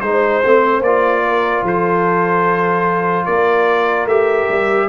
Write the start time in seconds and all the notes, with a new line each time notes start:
0.00 G#3 D#4 C5
0.44 A3 C4
0.80 A#3 F4 D5
1.23 A#4
1.62 F3 A4 C5
3.25 A#3 A#4 D5
4.05 A3 G4 E5
4.48 G3